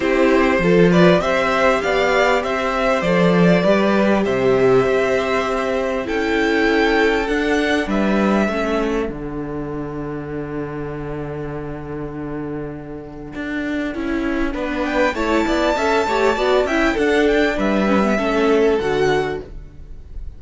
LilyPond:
<<
  \new Staff \with { instrumentName = "violin" } { \time 4/4 \tempo 4 = 99 c''4. d''8 e''4 f''4 | e''4 d''2 e''4~ | e''2 g''2 | fis''4 e''2 fis''4~ |
fis''1~ | fis''1~ | fis''8 g''8 a''2~ a''8 g''8 | fis''8 g''8 e''2 fis''4 | }
  \new Staff \with { instrumentName = "violin" } { \time 4/4 g'4 a'8 b'8 c''4 d''4 | c''2 b'4 c''4~ | c''2 a'2~ | a'4 b'4 a'2~ |
a'1~ | a'1 | b'4 cis''8 d''8 e''8 cis''8 d''8 e''8 | a'4 b'4 a'2 | }
  \new Staff \with { instrumentName = "viola" } { \time 4/4 e'4 f'4 g'2~ | g'4 a'4 g'2~ | g'2 e'2 | d'2 cis'4 d'4~ |
d'1~ | d'2. e'4 | d'4 e'4 a'8 g'8 fis'8 e'8 | d'4. cis'16 b16 cis'4 fis'4 | }
  \new Staff \with { instrumentName = "cello" } { \time 4/4 c'4 f4 c'4 b4 | c'4 f4 g4 c4 | c'2 cis'2 | d'4 g4 a4 d4~ |
d1~ | d2 d'4 cis'4 | b4 a8 b8 cis'8 a8 b8 cis'8 | d'4 g4 a4 d4 | }
>>